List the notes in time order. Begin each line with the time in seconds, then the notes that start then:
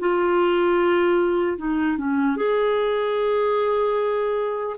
0.00 F4
1.58 D#4
1.98 C#4
2.37 G#4